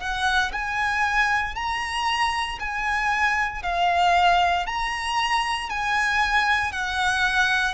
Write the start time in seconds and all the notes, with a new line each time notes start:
0.00 F#5
0.53 G#5
1.55 A#5
2.60 G#5
3.63 F5
4.66 A#5
5.70 G#5
6.72 F#5